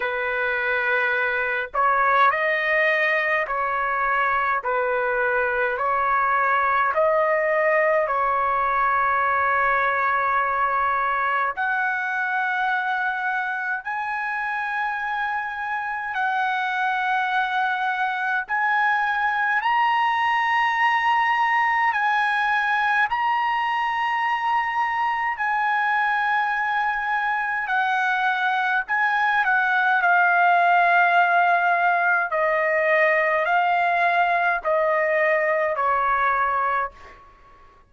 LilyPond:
\new Staff \with { instrumentName = "trumpet" } { \time 4/4 \tempo 4 = 52 b'4. cis''8 dis''4 cis''4 | b'4 cis''4 dis''4 cis''4~ | cis''2 fis''2 | gis''2 fis''2 |
gis''4 ais''2 gis''4 | ais''2 gis''2 | fis''4 gis''8 fis''8 f''2 | dis''4 f''4 dis''4 cis''4 | }